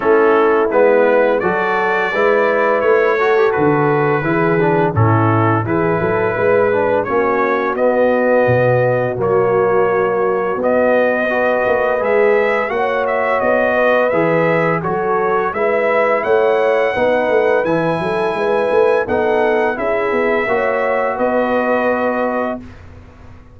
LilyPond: <<
  \new Staff \with { instrumentName = "trumpet" } { \time 4/4 \tempo 4 = 85 a'4 b'4 d''2 | cis''4 b'2 a'4 | b'2 cis''4 dis''4~ | dis''4 cis''2 dis''4~ |
dis''4 e''4 fis''8 e''8 dis''4 | e''4 cis''4 e''4 fis''4~ | fis''4 gis''2 fis''4 | e''2 dis''2 | }
  \new Staff \with { instrumentName = "horn" } { \time 4/4 e'2 a'4 b'4~ | b'8 a'4. gis'4 e'4 | gis'8 a'8 b'4 fis'2~ | fis'1 |
b'2 cis''4. b'8~ | b'4 a'4 b'4 cis''4 | b'4. a'8 b'4 a'4 | gis'4 cis''4 b'2 | }
  \new Staff \with { instrumentName = "trombone" } { \time 4/4 cis'4 b4 fis'4 e'4~ | e'8 fis'16 g'16 fis'4 e'8 d'8 cis'4 | e'4. d'8 cis'4 b4~ | b4 ais2 b4 |
fis'4 gis'4 fis'2 | gis'4 fis'4 e'2 | dis'4 e'2 dis'4 | e'4 fis'2. | }
  \new Staff \with { instrumentName = "tuba" } { \time 4/4 a4 gis4 fis4 gis4 | a4 d4 e4 a,4 | e8 fis8 gis4 ais4 b4 | b,4 fis2 b4~ |
b8 ais8 gis4 ais4 b4 | e4 fis4 gis4 a4 | b8 a8 e8 fis8 gis8 a8 b4 | cis'8 b8 ais4 b2 | }
>>